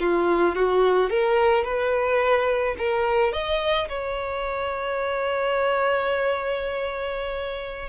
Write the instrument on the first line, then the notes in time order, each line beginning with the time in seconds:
violin
0.00 F4
0.55 F#4
1.10 A#4
1.64 B4
2.78 A#4
3.33 D#5
3.89 C#5